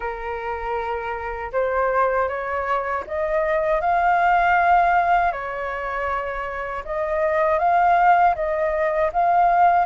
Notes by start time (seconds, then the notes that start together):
0.00 A#4
1.52 C5
2.28 C#5
3.06 D#5
3.80 F5
5.32 C#5
6.84 D#5
7.58 F5
8.35 D#5
9.12 F5